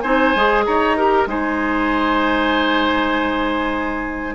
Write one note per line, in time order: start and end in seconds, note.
0.00 0.34 C4
0.00 0.35 D#4
0.00 0.64 C5
0.00 0.62 G#5
0.35 0.66 G#3
0.35 0.97 G#4
0.65 1.26 D#4
0.65 0.97 C#5
0.65 1.27 A#5
0.97 1.27 G4
0.97 1.28 A#4
1.26 4.35 G#3
1.26 4.35 D#4
1.26 4.35 C5
1.26 4.35 G#5